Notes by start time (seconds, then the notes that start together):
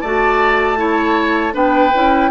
0.00 A3 F#4 D5 A5
0.76 E4 C#5
1.52 B3 D4 B4 G5
1.94 C#4 E4